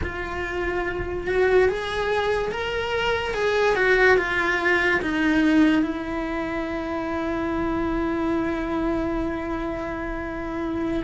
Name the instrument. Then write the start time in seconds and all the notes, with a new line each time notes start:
cello
0.02 F4
1.27 F#4
1.69 G#4
2.52 A#4
3.34 G#4
3.75 F#4
4.17 F4
5.01 D#4
5.83 E4